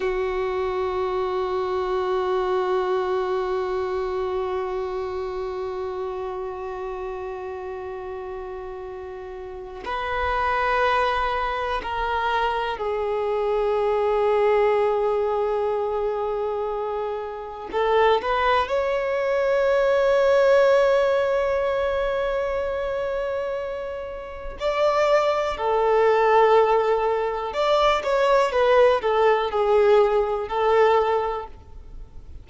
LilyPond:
\new Staff \with { instrumentName = "violin" } { \time 4/4 \tempo 4 = 61 fis'1~ | fis'1~ | fis'2 b'2 | ais'4 gis'2.~ |
gis'2 a'8 b'8 cis''4~ | cis''1~ | cis''4 d''4 a'2 | d''8 cis''8 b'8 a'8 gis'4 a'4 | }